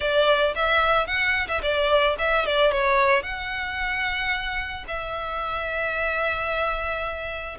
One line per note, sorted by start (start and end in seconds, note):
0.00 0.54 D5
0.55 1.07 E5
1.07 1.47 F#5
1.47 1.61 E5
1.62 2.16 D5
2.18 2.45 E5
2.45 2.71 D5
2.71 3.22 C#5
3.22 4.85 F#5
4.87 7.57 E5